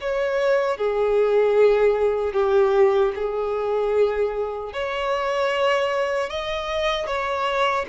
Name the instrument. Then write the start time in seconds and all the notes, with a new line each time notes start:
violin
0.00 C#5
0.77 G#4
2.33 G4
3.15 G#4
4.72 C#5
6.29 D#5
7.06 C#5